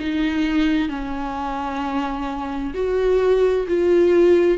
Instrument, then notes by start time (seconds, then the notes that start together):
viola
0.00 D#4
0.89 C#4
2.74 F#4
3.68 F4